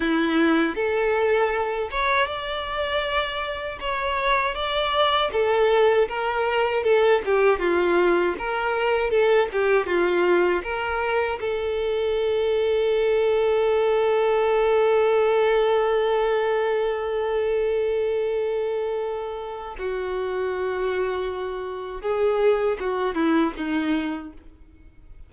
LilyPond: \new Staff \with { instrumentName = "violin" } { \time 4/4 \tempo 4 = 79 e'4 a'4. cis''8 d''4~ | d''4 cis''4 d''4 a'4 | ais'4 a'8 g'8 f'4 ais'4 | a'8 g'8 f'4 ais'4 a'4~ |
a'1~ | a'1~ | a'2 fis'2~ | fis'4 gis'4 fis'8 e'8 dis'4 | }